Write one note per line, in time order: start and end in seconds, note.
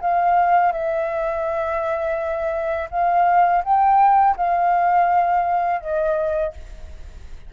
0.00 0.72 F5
0.72 2.88 E5
2.90 3.63 F5
3.63 4.35 G5
4.36 5.80 F5
5.80 6.53 D#5